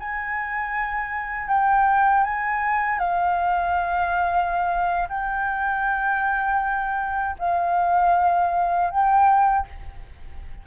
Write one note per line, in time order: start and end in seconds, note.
0.00 1.48 G#5
1.48 2.24 G5
2.24 2.99 G#5
2.99 5.08 F5
5.09 7.37 G5
7.39 8.91 F5
8.91 9.67 G5